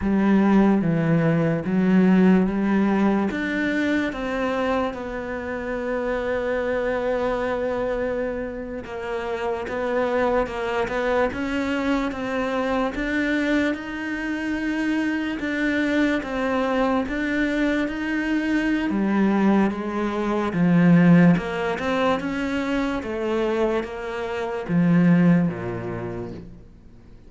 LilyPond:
\new Staff \with { instrumentName = "cello" } { \time 4/4 \tempo 4 = 73 g4 e4 fis4 g4 | d'4 c'4 b2~ | b2~ b8. ais4 b16~ | b8. ais8 b8 cis'4 c'4 d'16~ |
d'8. dis'2 d'4 c'16~ | c'8. d'4 dis'4~ dis'16 g4 | gis4 f4 ais8 c'8 cis'4 | a4 ais4 f4 ais,4 | }